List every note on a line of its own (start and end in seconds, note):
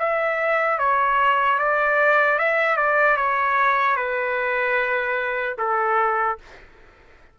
0.00 0.79 E5
0.79 1.59 C#5
1.59 2.39 D5
2.39 2.77 E5
2.77 3.17 D5
3.17 3.97 C#5
3.97 5.57 B4
5.59 6.39 A4